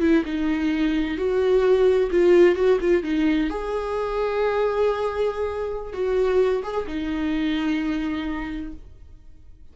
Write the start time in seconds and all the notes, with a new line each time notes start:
0.00 E4
0.25 D#4
1.17 F#4
2.11 F4
2.55 F#4
2.81 F4
3.03 D#4
3.49 G#4
5.93 F#4
6.63 G#4
6.87 D#4